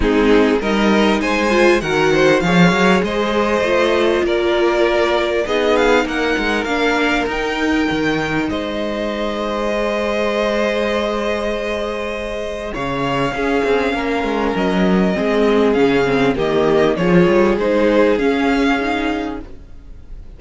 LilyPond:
<<
  \new Staff \with { instrumentName = "violin" } { \time 4/4 \tempo 4 = 99 gis'4 dis''4 gis''4 fis''4 | f''4 dis''2 d''4~ | d''4 dis''8 f''8 fis''4 f''4 | g''2 dis''2~ |
dis''1~ | dis''4 f''2. | dis''2 f''4 dis''4 | cis''4 c''4 f''2 | }
  \new Staff \with { instrumentName = "violin" } { \time 4/4 dis'4 ais'4 c''4 ais'8 c''8 | cis''4 c''2 ais'4~ | ais'4 gis'4 ais'2~ | ais'2 c''2~ |
c''1~ | c''4 cis''4 gis'4 ais'4~ | ais'4 gis'2 g'4 | gis'1 | }
  \new Staff \with { instrumentName = "viola" } { \time 4/4 c'4 dis'4. f'8 fis'4 | gis'2 f'2~ | f'4 dis'2 d'4 | dis'1 |
gis'1~ | gis'2 cis'2~ | cis'4 c'4 cis'8 c'8 ais4 | f'4 dis'4 cis'4 dis'4 | }
  \new Staff \with { instrumentName = "cello" } { \time 4/4 gis4 g4 gis4 dis4 | f8 fis8 gis4 a4 ais4~ | ais4 b4 ais8 gis8 ais4 | dis'4 dis4 gis2~ |
gis1~ | gis4 cis4 cis'8 c'8 ais8 gis8 | fis4 gis4 cis4 dis4 | f8 g8 gis4 cis'2 | }
>>